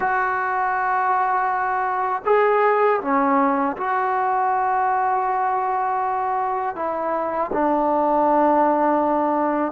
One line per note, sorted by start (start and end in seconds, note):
0.00 2.22 F#4
2.25 3.00 G#4
3.01 3.76 C#4
3.76 6.75 F#4
6.75 7.50 E4
7.52 9.72 D4